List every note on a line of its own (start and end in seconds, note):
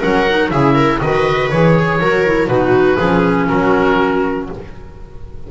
0.00 0.51 F#3
0.00 0.25 C#4
0.00 0.50 A#4
0.00 0.51 F#5
0.29 0.53 D#4
0.51 1.01 C#3
0.51 1.03 E4
0.51 0.75 G#4
0.51 1.00 E5
0.75 1.00 A#4
1.01 1.52 D#3
1.01 1.52 F#4
1.01 1.78 B4
1.01 1.50 D#5
1.50 2.01 E3
1.50 2.00 G#4
1.50 2.48 C#5
1.79 2.01 G#4
2.00 2.48 F#3
2.00 2.25 F#4
2.00 2.50 A#4
2.26 2.48 E4
2.48 2.98 B2
2.48 2.98 D#4
2.48 2.98 F#4
2.48 3.47 B4
2.98 3.50 F3
2.98 4.51 C#4
2.98 3.48 G#4
3.48 4.49 F#3
3.48 4.48 F#4
3.48 4.47 A#4